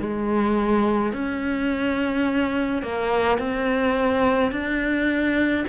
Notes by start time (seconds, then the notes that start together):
0.00 G#3
1.13 C#4
2.83 A#3
3.39 C4
4.52 D4